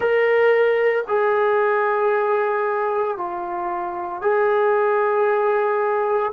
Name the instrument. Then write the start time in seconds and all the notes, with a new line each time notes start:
trombone
0.00 A#4
1.07 G#4
3.17 F4
4.21 G#4